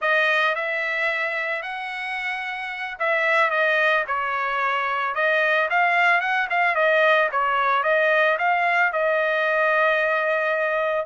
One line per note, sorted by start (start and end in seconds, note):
0.01 0.55 D#5
0.55 1.62 E5
1.62 2.97 F#5
2.99 3.50 E5
3.50 4.04 D#5
4.07 5.14 C#5
5.14 5.68 D#5
5.70 6.20 F5
6.20 6.47 F#5
6.50 6.75 F5
6.75 7.29 D#5
7.31 7.83 C#5
7.83 8.37 D#5
8.38 8.92 F5
8.92 11.05 D#5